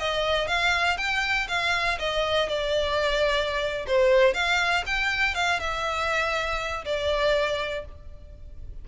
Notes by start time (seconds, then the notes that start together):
0.00 D#5
0.48 F5
0.98 G5
1.49 F5
1.99 D#5
2.49 D5
3.88 C5
4.34 F5
4.87 G5
5.35 F5
5.60 E5
6.86 D5